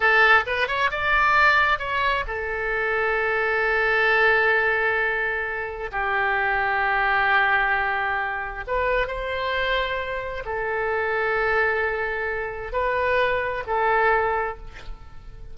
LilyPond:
\new Staff \with { instrumentName = "oboe" } { \time 4/4 \tempo 4 = 132 a'4 b'8 cis''8 d''2 | cis''4 a'2.~ | a'1~ | a'4 g'2.~ |
g'2. b'4 | c''2. a'4~ | a'1 | b'2 a'2 | }